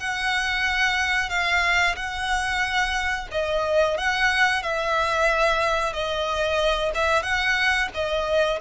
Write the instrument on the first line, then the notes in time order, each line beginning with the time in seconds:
violin
0.00 F#5
1.30 F5
1.96 F#5
3.31 D#5
3.98 F#5
4.62 E5
5.93 D#5
6.95 E5
7.23 F#5
7.94 D#5